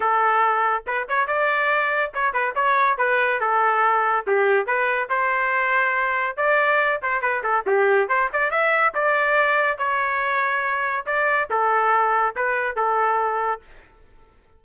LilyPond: \new Staff \with { instrumentName = "trumpet" } { \time 4/4 \tempo 4 = 141 a'2 b'8 cis''8 d''4~ | d''4 cis''8 b'8 cis''4 b'4 | a'2 g'4 b'4 | c''2. d''4~ |
d''8 c''8 b'8 a'8 g'4 c''8 d''8 | e''4 d''2 cis''4~ | cis''2 d''4 a'4~ | a'4 b'4 a'2 | }